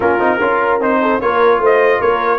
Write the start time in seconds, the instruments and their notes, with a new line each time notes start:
0.00 tuba A#3, trombone C#4, horn F4, trumpet A#4
0.19 tuba C4, trombone D#4
0.38 tuba C#4, trombone F4, horn A#4
0.79 tuba C4, trombone D#4, trumpet C5
1.01 horn A4
1.21 tuba A#3, trombone F4, horn A#4, trumpet C#5
1.59 tuba A3, horn C5, trumpet D#5
2.00 tuba A#3, horn A#4, trumpet C#5